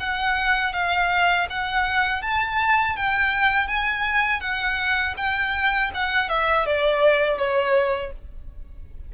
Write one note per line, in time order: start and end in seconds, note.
0.00 0.73 F#5
0.73 1.47 F5
1.50 2.22 F#5
2.22 2.96 A5
2.97 3.68 G5
3.68 4.41 G#5
4.41 5.15 F#5
5.18 5.92 G5
5.94 6.29 F#5
6.29 6.66 E5
6.66 7.38 D5
7.38 8.12 C#5